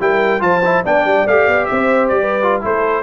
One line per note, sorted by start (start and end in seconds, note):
0.00 0.41 G3
0.00 0.40 E4
0.00 0.43 A#4
0.00 0.42 G5
0.40 0.84 F3
0.40 0.61 F4
0.40 0.84 C5
0.40 0.84 A5
0.64 0.85 E4
0.84 1.05 B3
0.84 1.27 D4
0.84 1.69 D5
0.84 1.28 G5
1.05 1.26 G3
1.26 1.47 A3
1.26 2.43 G4
1.26 1.66 F5
1.48 1.69 B3
1.66 2.11 C4
1.66 2.21 C5
1.66 2.08 E5
2.08 2.64 G3
2.08 2.61 D5
2.21 2.63 B4
2.43 2.62 F4
2.62 3.03 A3
2.62 3.03 E4
2.62 3.03 A4
2.62 3.03 C5